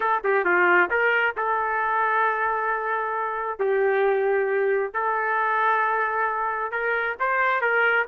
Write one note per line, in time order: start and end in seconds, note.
0.00 0.22 A4
0.23 0.45 G4
0.45 0.89 F4
0.90 1.35 A#4
1.36 3.59 A4
3.59 4.93 G4
4.93 6.71 A4
6.71 7.16 A#4
7.19 7.61 C5
7.61 8.06 A#4